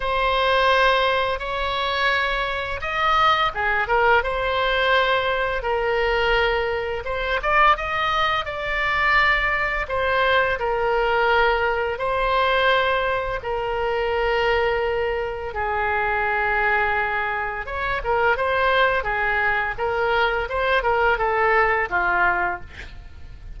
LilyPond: \new Staff \with { instrumentName = "oboe" } { \time 4/4 \tempo 4 = 85 c''2 cis''2 | dis''4 gis'8 ais'8 c''2 | ais'2 c''8 d''8 dis''4 | d''2 c''4 ais'4~ |
ais'4 c''2 ais'4~ | ais'2 gis'2~ | gis'4 cis''8 ais'8 c''4 gis'4 | ais'4 c''8 ais'8 a'4 f'4 | }